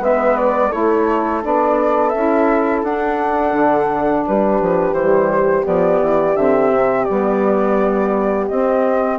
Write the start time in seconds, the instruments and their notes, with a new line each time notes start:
0.00 bassoon G#3, saxophone B3, horn B4, flute E5
0.37 flute D5
0.70 bassoon A3, saxophone E4, horn A4, flute C#5
1.42 bassoon B3, saxophone D4, flute D5
2.09 bassoon C#4, saxophone E4, flute E5
2.83 bassoon D4, saxophone D4, flute F#5
3.52 bassoon D3
4.27 bassoon G3, horn G4, flute B4
4.61 bassoon F3
4.93 bassoon E3, saxophone G3, flute C5
5.64 bassoon F3, saxophone B3, flute D5
6.01 bassoon E3
6.36 bassoon D3, saxophone C4, flute E5
6.73 bassoon C3
7.05 bassoon G3, saxophone B3, flute D5
8.48 bassoon C4, saxophone C4, flute D#5